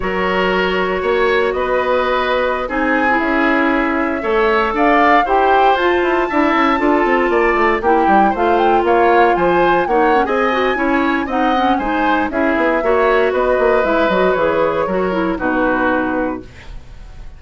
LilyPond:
<<
  \new Staff \with { instrumentName = "flute" } { \time 4/4 \tempo 4 = 117 cis''2. dis''4~ | dis''4~ dis''16 gis''4 e''4.~ e''16~ | e''4~ e''16 f''4 g''4 a''8.~ | a''2.~ a''16 g''8.~ |
g''16 f''8 g''8 f''4 gis''4 fis''8. | gis''2 fis''4 gis''4 | e''2 dis''4 e''8 dis''8 | cis''2 b'2 | }
  \new Staff \with { instrumentName = "oboe" } { \time 4/4 ais'2 cis''4 b'4~ | b'4~ b'16 gis'2~ gis'8.~ | gis'16 cis''4 d''4 c''4.~ c''16~ | c''16 e''4 a'4 d''4 g'8.~ |
g'16 c''4 cis''4 c''4 cis''8. | dis''4 cis''4 dis''4 c''4 | gis'4 cis''4 b'2~ | b'4 ais'4 fis'2 | }
  \new Staff \with { instrumentName = "clarinet" } { \time 4/4 fis'1~ | fis'4~ fis'16 dis'8. e'2~ | e'16 a'2 g'4 f'8.~ | f'16 e'4 f'2 e'8.~ |
e'16 f'2. dis'8 cis'16 | gis'8 fis'8 e'4 dis'8 cis'8 dis'4 | e'4 fis'2 e'8 fis'8 | gis'4 fis'8 e'8 dis'2 | }
  \new Staff \with { instrumentName = "bassoon" } { \time 4/4 fis2 ais4 b4~ | b4~ b16 c'4 cis'4.~ cis'16~ | cis'16 a4 d'4 e'4 f'8 e'16~ | e'16 d'8 cis'8 d'8 c'8 ais8 a8 ais8 g16~ |
g16 a4 ais4 f4 ais8. | c'4 cis'4 c'4 gis4 | cis'8 b8 ais4 b8 ais8 gis8 fis8 | e4 fis4 b,2 | }
>>